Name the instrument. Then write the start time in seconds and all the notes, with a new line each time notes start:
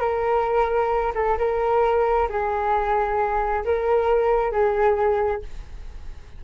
flute
0.00 A#4
1.15 A4
1.38 A#4
2.29 G#4
3.65 A#4
4.52 G#4